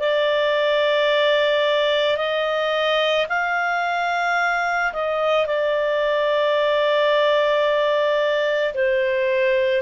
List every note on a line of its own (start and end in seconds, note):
0.00 2.17 D5
2.17 3.26 D#5
3.29 4.93 F5
4.93 5.46 D#5
5.46 8.73 D5
8.74 9.82 C5